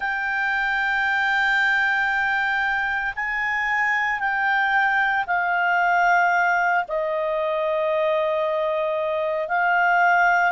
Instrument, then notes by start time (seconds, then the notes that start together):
clarinet
0.00 G5
3.15 G#5
4.19 G5
5.26 F5
6.88 D#5
9.48 F5